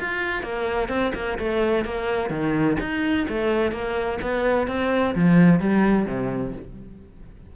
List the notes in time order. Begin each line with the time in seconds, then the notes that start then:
0.00 F4
0.43 A#3
0.89 C4
1.15 A#3
1.39 A3
1.85 A#3
2.30 D#3
2.80 D#4
3.29 A3
3.72 A#3
4.22 B3
4.68 C4
5.15 F3
5.60 G3
6.06 C3